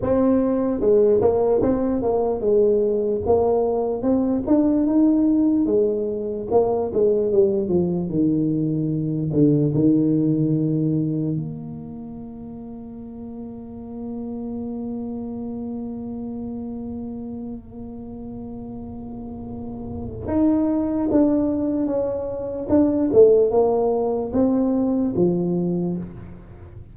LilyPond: \new Staff \with { instrumentName = "tuba" } { \time 4/4 \tempo 4 = 74 c'4 gis8 ais8 c'8 ais8 gis4 | ais4 c'8 d'8 dis'4 gis4 | ais8 gis8 g8 f8 dis4. d8 | dis2 ais2~ |
ais1~ | ais1~ | ais4 dis'4 d'4 cis'4 | d'8 a8 ais4 c'4 f4 | }